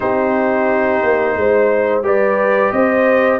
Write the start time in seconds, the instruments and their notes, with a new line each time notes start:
0.00 tuba C4, trombone D#4, horn G4, trumpet C5
1.02 tuba A#3
1.36 tuba G#3, horn C5
2.02 tuba G3, trombone G4, horn B4, trumpet D5
2.71 tuba C4, horn C5, trumpet D#5